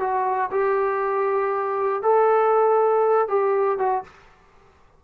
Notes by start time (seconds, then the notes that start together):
0.00 F#4
0.51 G4
2.03 A4
3.28 G4
3.79 F#4